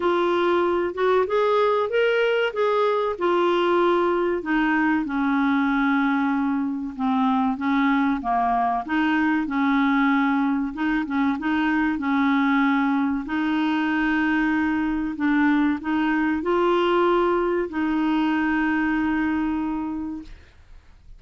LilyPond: \new Staff \with { instrumentName = "clarinet" } { \time 4/4 \tempo 4 = 95 f'4. fis'8 gis'4 ais'4 | gis'4 f'2 dis'4 | cis'2. c'4 | cis'4 ais4 dis'4 cis'4~ |
cis'4 dis'8 cis'8 dis'4 cis'4~ | cis'4 dis'2. | d'4 dis'4 f'2 | dis'1 | }